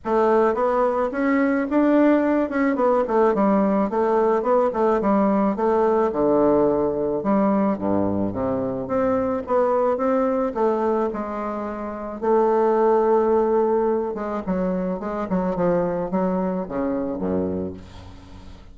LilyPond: \new Staff \with { instrumentName = "bassoon" } { \time 4/4 \tempo 4 = 108 a4 b4 cis'4 d'4~ | d'8 cis'8 b8 a8 g4 a4 | b8 a8 g4 a4 d4~ | d4 g4 g,4 c4 |
c'4 b4 c'4 a4 | gis2 a2~ | a4. gis8 fis4 gis8 fis8 | f4 fis4 cis4 fis,4 | }